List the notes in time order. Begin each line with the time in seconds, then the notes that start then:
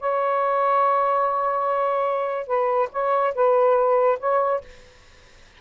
0.00 C#5
2.47 B4
2.93 C#5
3.35 B4
4.20 C#5